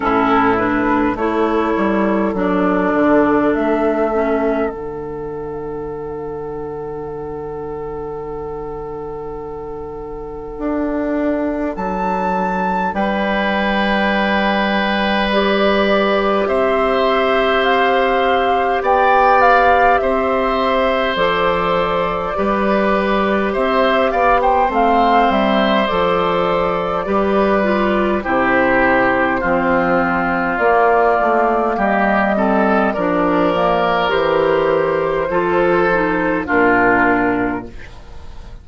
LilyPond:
<<
  \new Staff \with { instrumentName = "flute" } { \time 4/4 \tempo 4 = 51 a'8 b'8 cis''4 d''4 e''4 | fis''1~ | fis''2 a''4 g''4~ | g''4 d''4 e''4 f''4 |
g''8 f''8 e''4 d''2 | e''8 f''16 g''16 f''8 e''8 d''2 | c''2 d''4 dis''4 | d''4 c''2 ais'4 | }
  \new Staff \with { instrumentName = "oboe" } { \time 4/4 e'4 a'2.~ | a'1~ | a'2. b'4~ | b'2 c''2 |
d''4 c''2 b'4 | c''8 d''16 c''2~ c''16 b'4 | g'4 f'2 g'8 a'8 | ais'2 a'4 f'4 | }
  \new Staff \with { instrumentName = "clarinet" } { \time 4/4 cis'8 d'8 e'4 d'4. cis'8 | d'1~ | d'1~ | d'4 g'2.~ |
g'2 a'4 g'4~ | g'4 c'4 a'4 g'8 f'8 | e'4 c'4 ais4. c'8 | d'8 ais8 g'4 f'8 dis'8 d'4 | }
  \new Staff \with { instrumentName = "bassoon" } { \time 4/4 a,4 a8 g8 fis8 d8 a4 | d1~ | d4 d'4 fis4 g4~ | g2 c'2 |
b4 c'4 f4 g4 | c'8 b8 a8 g8 f4 g4 | c4 f4 ais8 a8 g4 | f4 e4 f4 ais,4 | }
>>